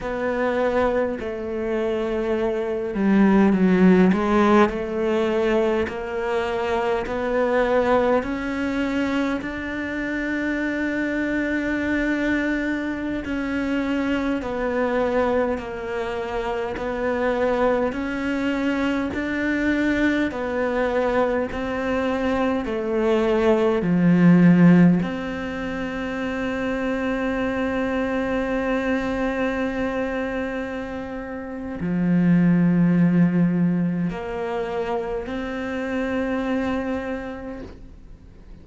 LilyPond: \new Staff \with { instrumentName = "cello" } { \time 4/4 \tempo 4 = 51 b4 a4. g8 fis8 gis8 | a4 ais4 b4 cis'4 | d'2.~ d'16 cis'8.~ | cis'16 b4 ais4 b4 cis'8.~ |
cis'16 d'4 b4 c'4 a8.~ | a16 f4 c'2~ c'8.~ | c'2. f4~ | f4 ais4 c'2 | }